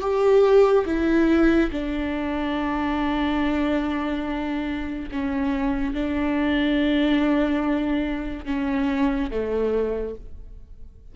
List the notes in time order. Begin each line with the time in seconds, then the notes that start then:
0.00 G4
0.85 E4
1.71 D4
5.11 C#4
5.93 D4
8.45 C#4
9.30 A3